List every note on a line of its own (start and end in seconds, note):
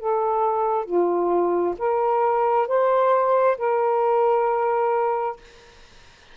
0.00 0.85 A4
0.85 1.75 F4
1.79 2.68 A#4
2.68 3.57 C5
3.58 5.37 A#4